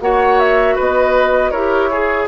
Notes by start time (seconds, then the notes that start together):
0.00 A#3 F#4 C#5 F#5
0.39 E5
0.75 B3 B4 D#5
1.50 E4 G4 A#4 C#5
1.91 G#4